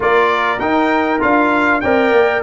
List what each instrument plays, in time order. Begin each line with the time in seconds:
0.00 tuba A#3, trombone F4, horn A#4, trumpet D5
0.59 tuba D#4, trombone D#4, trumpet G5
1.20 tuba D4, trombone F4, trumpet F5
1.80 tuba C4, trombone A#4, horn D5, trumpet G5
2.11 tuba A#3